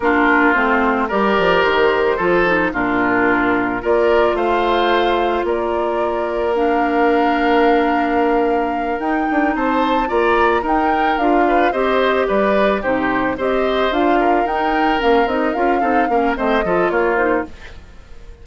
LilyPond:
<<
  \new Staff \with { instrumentName = "flute" } { \time 4/4 \tempo 4 = 110 ais'4 c''4 d''4 c''4~ | c''4 ais'2 d''4 | f''2 d''2 | f''1~ |
f''8 g''4 a''4 ais''4 g''8~ | g''8 f''4 dis''4 d''4 c''8~ | c''8 dis''4 f''4 g''4 f''8 | dis''8 f''4. dis''4 cis''8 c''8 | }
  \new Staff \with { instrumentName = "oboe" } { \time 4/4 f'2 ais'2 | a'4 f'2 ais'4 | c''2 ais'2~ | ais'1~ |
ais'4. c''4 d''4 ais'8~ | ais'4 b'8 c''4 b'4 g'8~ | g'8 c''4. ais'2~ | ais'4 a'8 ais'8 c''8 a'8 f'4 | }
  \new Staff \with { instrumentName = "clarinet" } { \time 4/4 d'4 c'4 g'2 | f'8 dis'8 d'2 f'4~ | f'1 | d'1~ |
d'8 dis'2 f'4 dis'8~ | dis'8 f'4 g'2 dis'8~ | dis'8 g'4 f'4 dis'4 cis'8 | dis'8 f'8 dis'8 cis'8 c'8 f'4 dis'8 | }
  \new Staff \with { instrumentName = "bassoon" } { \time 4/4 ais4 a4 g8 f8 dis4 | f4 ais,2 ais4 | a2 ais2~ | ais1~ |
ais8 dis'8 d'8 c'4 ais4 dis'8~ | dis'8 d'4 c'4 g4 c8~ | c8 c'4 d'4 dis'4 ais8 | c'8 cis'8 c'8 ais8 a8 f8 ais4 | }
>>